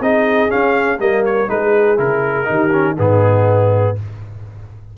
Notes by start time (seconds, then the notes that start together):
0.00 C4 D#4 G#4 D#5
0.49 C#4 F5
0.99 G3 A#3 A#4 D#5
1.25 C#5
1.47 G#3 D#4 G#4 B4
1.97 C#3 E4 A#4
2.44 D#3 D#4 G4
2.72 C#4
2.96 G#2 B3 D#4 G#4